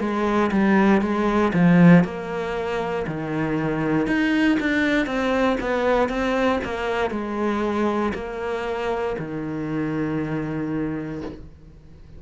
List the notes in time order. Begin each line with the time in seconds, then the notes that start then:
0.00 G#3
0.51 G3
1.01 G#3
1.53 F3
2.04 A#3
3.07 D#3
4.07 D#4
4.59 D4
5.06 C4
5.61 B3
6.09 C4
6.64 A#3
7.10 G#3
8.14 A#3
9.18 D#3